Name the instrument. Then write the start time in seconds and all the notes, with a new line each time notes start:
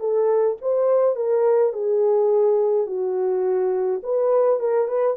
horn
0.00 A4
0.62 C5
1.16 A#4
1.73 G#4
2.86 F#4
4.03 B4
4.60 A#4
4.88 B4